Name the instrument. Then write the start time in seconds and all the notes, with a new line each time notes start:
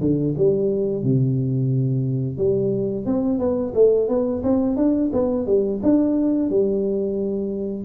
tuba
0.00 D3
0.37 G3
1.03 C3
2.37 G3
3.05 C4
3.38 B3
3.74 A3
4.08 B3
4.43 C4
4.76 D4
5.12 B3
5.46 G3
5.82 D4
6.49 G3